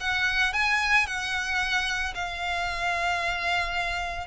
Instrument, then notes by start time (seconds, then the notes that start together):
violin
0.00 F#5
0.53 G#5
1.06 F#5
2.14 F5